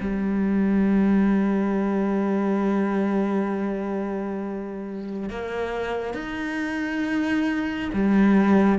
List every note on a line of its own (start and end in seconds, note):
0.00 5.29 G3
5.29 6.14 A#3
6.14 7.90 D#4
7.93 8.78 G3